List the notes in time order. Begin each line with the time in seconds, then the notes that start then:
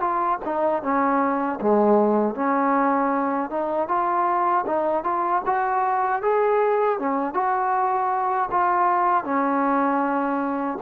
0.00 F4
0.45 D#4
0.82 C#4
1.60 G#3
2.35 C#4
3.50 D#4
3.88 F4
4.66 D#4
5.03 F4
5.45 F#4
6.22 G#4
6.99 C#4
7.34 F#4
8.51 F4
9.24 C#4